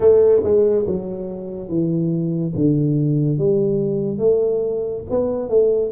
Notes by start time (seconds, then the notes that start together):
0.00 A3
0.43 G#3
0.86 F#3
1.68 E3
2.55 D3
3.38 G3
4.18 A3
5.09 B3
5.49 A3